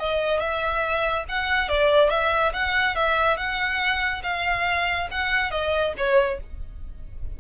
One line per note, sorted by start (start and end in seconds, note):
0.00 0.40 D#5
0.40 1.25 E5
1.29 1.69 F#5
1.69 2.10 D5
2.10 2.53 E5
2.53 2.96 F#5
2.96 3.38 E5
3.38 4.23 F#5
4.24 5.09 F5
5.11 5.51 F#5
5.51 5.94 D#5
5.98 6.40 C#5